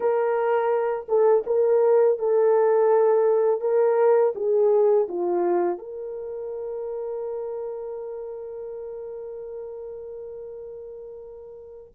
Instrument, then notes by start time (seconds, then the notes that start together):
horn
0.00 A#4
1.08 A4
1.46 A#4
2.19 A4
3.60 A#4
4.35 G#4
5.08 F4
5.78 A#4